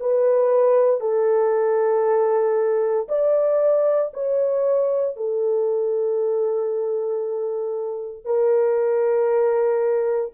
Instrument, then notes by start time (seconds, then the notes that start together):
horn
0.00 B4
1.01 A4
3.08 D5
4.14 C#5
5.16 A4
8.25 A#4